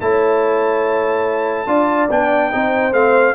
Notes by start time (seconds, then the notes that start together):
0.00 A3 E4 C#5 A5
1.67 D4 F4 D5
2.11 B3 D4 G5
2.52 C4 D#4 C5
2.92 A3 C4 F5